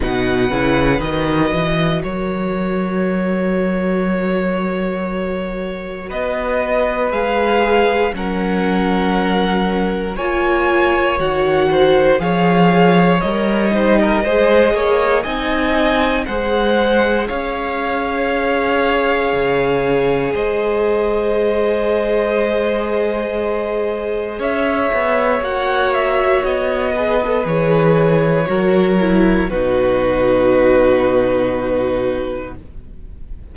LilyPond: <<
  \new Staff \with { instrumentName = "violin" } { \time 4/4 \tempo 4 = 59 fis''4 dis''4 cis''2~ | cis''2 dis''4 f''4 | fis''2 gis''4 fis''4 | f''4 dis''2 gis''4 |
fis''4 f''2. | dis''1 | e''4 fis''8 e''8 dis''4 cis''4~ | cis''4 b'2. | }
  \new Staff \with { instrumentName = "violin" } { \time 4/4 b'2 ais'2~ | ais'2 b'2 | ais'2 cis''4. c''8 | cis''4. c''16 ais'16 c''8 cis''8 dis''4 |
c''4 cis''2. | c''1 | cis''2~ cis''8 b'4. | ais'4 fis'2. | }
  \new Staff \with { instrumentName = "viola" } { \time 4/4 dis'8 e'8 fis'2.~ | fis'2. gis'4 | cis'2 f'4 fis'4 | gis'4 ais'8 dis'8 gis'4 dis'4 |
gis'1~ | gis'1~ | gis'4 fis'4. gis'16 a'16 gis'4 | fis'8 e'8 dis'2. | }
  \new Staff \with { instrumentName = "cello" } { \time 4/4 b,8 cis8 dis8 e8 fis2~ | fis2 b4 gis4 | fis2 ais4 dis4 | f4 g4 gis8 ais8 c'4 |
gis4 cis'2 cis4 | gis1 | cis'8 b8 ais4 b4 e4 | fis4 b,2. | }
>>